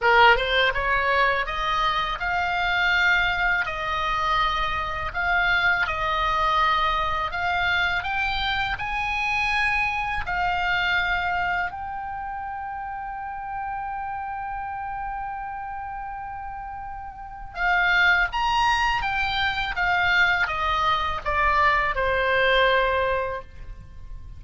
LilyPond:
\new Staff \with { instrumentName = "oboe" } { \time 4/4 \tempo 4 = 82 ais'8 c''8 cis''4 dis''4 f''4~ | f''4 dis''2 f''4 | dis''2 f''4 g''4 | gis''2 f''2 |
g''1~ | g''1 | f''4 ais''4 g''4 f''4 | dis''4 d''4 c''2 | }